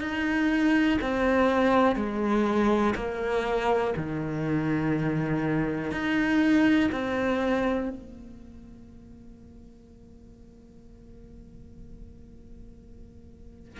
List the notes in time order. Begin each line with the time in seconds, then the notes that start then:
0.00 D#4
1.01 C4
1.96 G#3
2.96 A#3
3.97 D#3
5.92 D#4
6.92 C4
7.90 A#3